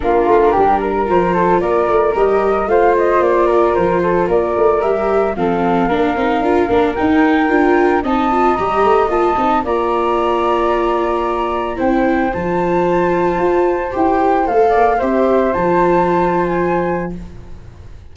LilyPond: <<
  \new Staff \with { instrumentName = "flute" } { \time 4/4 \tempo 4 = 112 ais'2 c''4 d''4 | dis''4 f''8 dis''8 d''4 c''4 | d''4 e''4 f''2~ | f''4 g''2 a''4 |
ais''4 a''4 ais''2~ | ais''2 g''4 a''4~ | a''2 g''4 f''4 | e''4 a''4.~ a''16 gis''4~ gis''16 | }
  \new Staff \with { instrumentName = "flute" } { \time 4/4 f'4 g'8 ais'4 a'8 ais'4~ | ais'4 c''4. ais'4 a'8 | ais'2 a'4 ais'4~ | ais'2. dis''4~ |
dis''2 d''2~ | d''2 c''2~ | c''2.~ c''8 d''8 | c''1 | }
  \new Staff \with { instrumentName = "viola" } { \time 4/4 d'2 f'2 | g'4 f'2.~ | f'4 g'4 c'4 d'8 dis'8 | f'8 d'8 dis'4 f'4 dis'8 f'8 |
g'4 f'8 dis'8 f'2~ | f'2 e'4 f'4~ | f'2 g'4 a'4 | g'4 f'2. | }
  \new Staff \with { instrumentName = "tuba" } { \time 4/4 ais8 a8 g4 f4 ais8 a8 | g4 a4 ais4 f4 | ais8 a8 g4 f4 ais8 c'8 | d'8 ais8 dis'4 d'4 c'4 |
g8 a8 ais8 c'8 ais2~ | ais2 c'4 f4~ | f4 f'4 e'4 a8 ais8 | c'4 f2. | }
>>